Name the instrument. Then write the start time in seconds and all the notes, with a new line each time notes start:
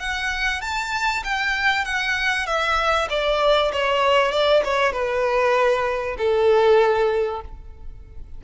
violin
0.00 F#5
0.62 A5
1.25 G5
1.85 F#5
2.47 E5
3.10 D5
3.73 C#5
4.32 D5
4.65 C#5
4.93 B4
6.19 A4